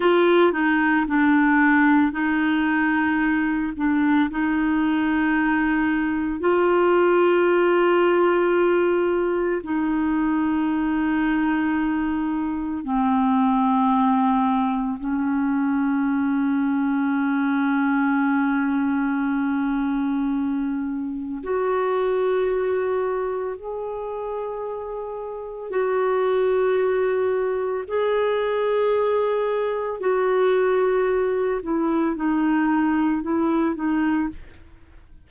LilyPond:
\new Staff \with { instrumentName = "clarinet" } { \time 4/4 \tempo 4 = 56 f'8 dis'8 d'4 dis'4. d'8 | dis'2 f'2~ | f'4 dis'2. | c'2 cis'2~ |
cis'1 | fis'2 gis'2 | fis'2 gis'2 | fis'4. e'8 dis'4 e'8 dis'8 | }